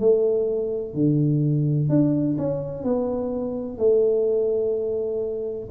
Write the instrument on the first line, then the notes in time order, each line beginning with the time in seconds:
tuba
0.00 A3
0.94 D3
1.89 D4
2.38 C#4
2.83 B3
3.78 A3